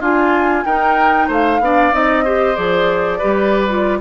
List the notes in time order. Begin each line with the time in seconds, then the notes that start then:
0.00 D4 F4 G#5
0.65 D#4 A#4 G5
1.28 A3 C5 F5
1.60 B3 D4 D5
1.92 C4 D#4 D#5
2.24 G4 C5
2.55 F3 G#4 D5
3.18 G3 G4 B4
3.68 F4